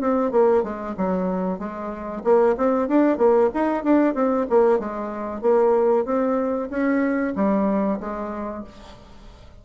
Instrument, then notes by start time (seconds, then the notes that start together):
bassoon
0.00 C4
0.31 A#3
0.63 G#3
0.97 F#3
1.58 G#3
2.23 A#3
2.57 C4
2.88 D4
3.17 A#3
3.54 D#4
3.83 D4
4.14 C4
4.49 A#3
4.79 G#3
5.41 A#3
6.05 C4
6.70 C#4
7.35 G3
8.00 G#3